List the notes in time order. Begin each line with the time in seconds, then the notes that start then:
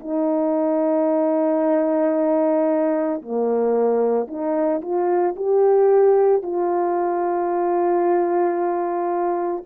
0.00 D#4
3.22 A#3
4.28 D#4
4.82 F4
5.37 G4
6.43 F4